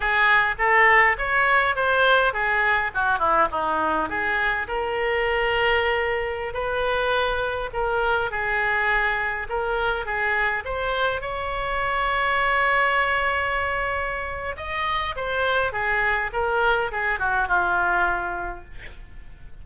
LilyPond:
\new Staff \with { instrumentName = "oboe" } { \time 4/4 \tempo 4 = 103 gis'4 a'4 cis''4 c''4 | gis'4 fis'8 e'8 dis'4 gis'4 | ais'2.~ ais'16 b'8.~ | b'4~ b'16 ais'4 gis'4.~ gis'16~ |
gis'16 ais'4 gis'4 c''4 cis''8.~ | cis''1~ | cis''4 dis''4 c''4 gis'4 | ais'4 gis'8 fis'8 f'2 | }